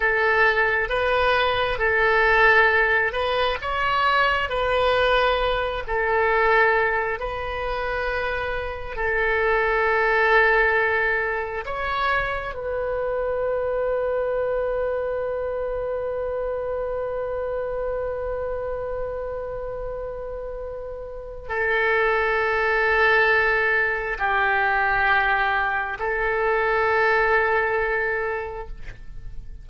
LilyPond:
\new Staff \with { instrumentName = "oboe" } { \time 4/4 \tempo 4 = 67 a'4 b'4 a'4. b'8 | cis''4 b'4. a'4. | b'2 a'2~ | a'4 cis''4 b'2~ |
b'1~ | b'1 | a'2. g'4~ | g'4 a'2. | }